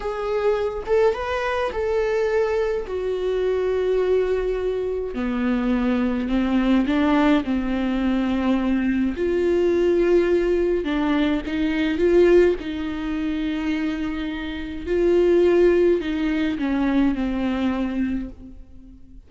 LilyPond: \new Staff \with { instrumentName = "viola" } { \time 4/4 \tempo 4 = 105 gis'4. a'8 b'4 a'4~ | a'4 fis'2.~ | fis'4 b2 c'4 | d'4 c'2. |
f'2. d'4 | dis'4 f'4 dis'2~ | dis'2 f'2 | dis'4 cis'4 c'2 | }